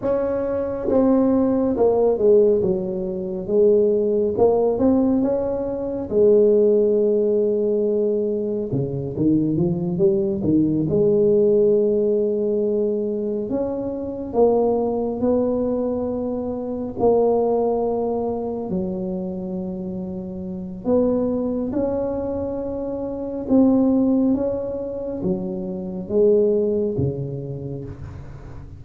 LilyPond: \new Staff \with { instrumentName = "tuba" } { \time 4/4 \tempo 4 = 69 cis'4 c'4 ais8 gis8 fis4 | gis4 ais8 c'8 cis'4 gis4~ | gis2 cis8 dis8 f8 g8 | dis8 gis2. cis'8~ |
cis'8 ais4 b2 ais8~ | ais4. fis2~ fis8 | b4 cis'2 c'4 | cis'4 fis4 gis4 cis4 | }